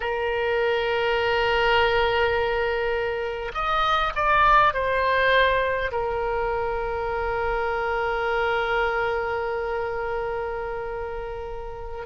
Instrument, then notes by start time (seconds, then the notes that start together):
oboe
0.00 A#4
3.53 D#5
4.14 D5
4.73 C5
5.91 A#4